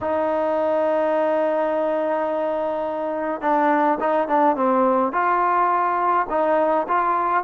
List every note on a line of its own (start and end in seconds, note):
0.01 3.41 D#4
3.41 3.98 D4
4.00 4.28 D#4
4.28 4.56 D4
4.56 5.12 C4
5.12 6.26 F4
6.29 6.86 D#4
6.88 7.43 F4